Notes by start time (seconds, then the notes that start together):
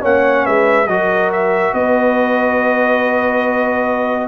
0.00 A#3 C#4 C#5 F#5
0.44 G#3 B4 E5
0.87 F#3 F#4 A#4 D#5
1.32 E5
1.73 B3 B4 D#5